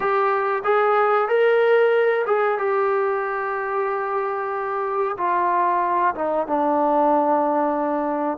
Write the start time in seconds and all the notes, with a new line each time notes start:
0.00 G4
0.64 G#4
1.28 A#4
2.26 G#4
2.58 G4
5.17 F4
6.14 D#4
6.47 D4